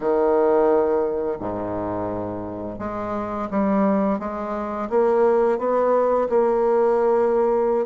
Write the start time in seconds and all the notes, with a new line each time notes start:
0.00 D#3
1.40 G#2
2.78 G#3
3.50 G3
4.19 G#3
4.89 A#3
5.58 B3
6.29 A#3